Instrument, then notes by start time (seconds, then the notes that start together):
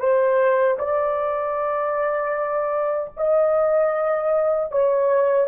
horn
0.00 C5
0.79 D5
3.17 D#5
4.72 C#5